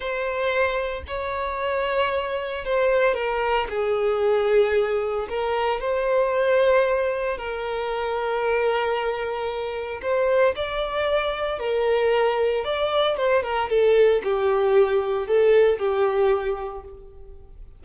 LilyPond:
\new Staff \with { instrumentName = "violin" } { \time 4/4 \tempo 4 = 114 c''2 cis''2~ | cis''4 c''4 ais'4 gis'4~ | gis'2 ais'4 c''4~ | c''2 ais'2~ |
ais'2. c''4 | d''2 ais'2 | d''4 c''8 ais'8 a'4 g'4~ | g'4 a'4 g'2 | }